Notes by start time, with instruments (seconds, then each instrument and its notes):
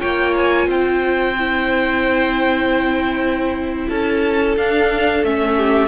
0.00 cello A#3, viola F4, violin C#5 G5
0.37 violin G#5
0.67 cello C4, violin C5 G5
1.38 viola E4
3.89 cello C#4, violin A4 A5
4.57 cello D4, viola D4, violin F5
5.23 cello A3, viola C#4, violin E5
5.57 violin G4